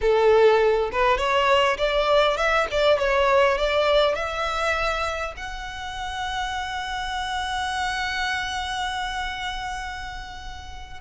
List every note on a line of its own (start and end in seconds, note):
0.01 0.90 A4
0.92 1.17 B4
1.17 1.77 C#5
1.77 2.37 D5
2.37 2.67 E5
2.71 2.98 D5
2.98 3.58 C#5
3.58 4.15 D5
4.15 5.34 E5
5.36 11.00 F#5